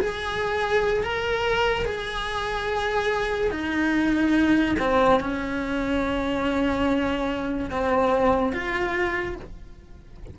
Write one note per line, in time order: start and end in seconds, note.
0.00 1.03 G#4
1.03 1.85 A#4
1.85 3.51 G#4
3.51 4.76 D#4
4.79 5.20 C4
5.20 7.70 C#4
7.70 8.53 C4
8.53 9.36 F4